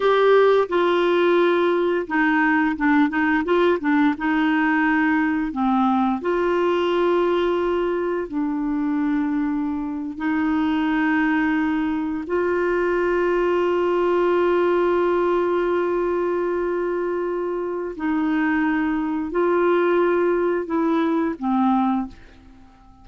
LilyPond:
\new Staff \with { instrumentName = "clarinet" } { \time 4/4 \tempo 4 = 87 g'4 f'2 dis'4 | d'8 dis'8 f'8 d'8 dis'2 | c'4 f'2. | d'2~ d'8. dis'4~ dis'16~ |
dis'4.~ dis'16 f'2~ f'16~ | f'1~ | f'2 dis'2 | f'2 e'4 c'4 | }